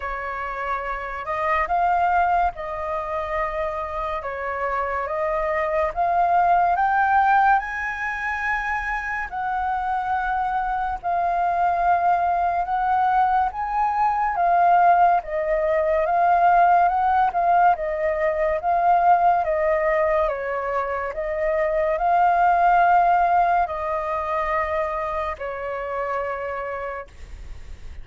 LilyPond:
\new Staff \with { instrumentName = "flute" } { \time 4/4 \tempo 4 = 71 cis''4. dis''8 f''4 dis''4~ | dis''4 cis''4 dis''4 f''4 | g''4 gis''2 fis''4~ | fis''4 f''2 fis''4 |
gis''4 f''4 dis''4 f''4 | fis''8 f''8 dis''4 f''4 dis''4 | cis''4 dis''4 f''2 | dis''2 cis''2 | }